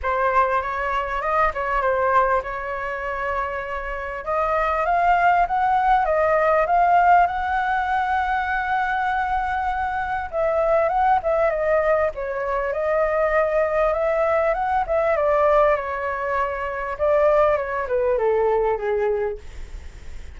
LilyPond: \new Staff \with { instrumentName = "flute" } { \time 4/4 \tempo 4 = 99 c''4 cis''4 dis''8 cis''8 c''4 | cis''2. dis''4 | f''4 fis''4 dis''4 f''4 | fis''1~ |
fis''4 e''4 fis''8 e''8 dis''4 | cis''4 dis''2 e''4 | fis''8 e''8 d''4 cis''2 | d''4 cis''8 b'8 a'4 gis'4 | }